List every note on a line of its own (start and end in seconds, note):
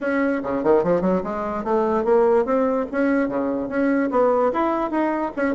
0.00 0.41 C#4
0.43 0.63 C#3
0.63 0.83 D#3
0.83 1.01 F3
1.01 1.21 F#3
1.23 1.64 G#3
1.64 2.04 A3
2.04 2.45 A#3
2.45 2.86 C4
2.91 3.28 C#4
3.28 3.69 C#3
3.69 4.10 C#4
4.10 4.51 B3
4.53 4.90 E4
4.90 5.31 D#4
5.36 5.54 C#4